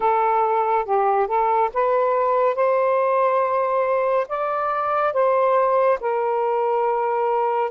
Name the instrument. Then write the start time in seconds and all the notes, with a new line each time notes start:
saxophone
0.00 A4
0.85 G4
1.27 A4
1.73 B4
2.55 C5
4.28 D5
5.13 C5
6.00 A#4